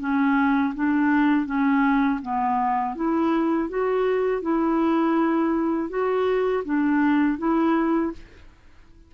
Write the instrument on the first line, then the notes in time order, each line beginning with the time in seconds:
clarinet
0.00 C#4
0.75 D4
1.46 C#4
2.22 B3
2.96 E4
3.69 F#4
4.42 E4
5.90 F#4
6.65 D4
7.39 E4